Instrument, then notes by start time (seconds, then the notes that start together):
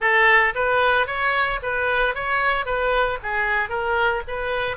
oboe
0.00 A4
0.55 B4
1.06 C#5
1.62 B4
2.14 C#5
2.65 B4
3.22 G#4
3.69 A#4
4.27 B4